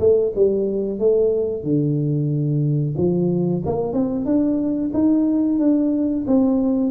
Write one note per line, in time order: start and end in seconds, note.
0.00 0.33 A3
0.36 0.99 G3
0.99 1.64 A3
1.64 2.96 D3
2.97 3.63 F3
3.66 3.93 A#3
3.93 4.25 C4
4.25 4.91 D4
4.94 5.59 D#4
5.59 6.25 D4
6.27 6.91 C4